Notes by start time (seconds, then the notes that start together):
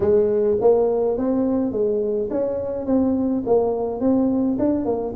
0.00 G#3
0.60 A#3
1.17 C4
1.72 G#3
2.30 C#4
2.86 C4
3.46 A#3
4.00 C4
4.59 D4
4.85 A#3